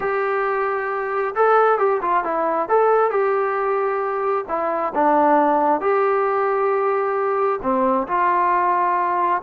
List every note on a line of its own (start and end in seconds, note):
0.00 1.34 G4
1.35 1.78 A4
1.78 2.00 G4
2.01 2.23 F4
2.23 2.68 E4
2.68 3.11 A4
3.11 4.45 G4
4.48 4.93 E4
4.94 5.80 D4
5.80 7.60 G4
7.62 8.07 C4
8.07 9.42 F4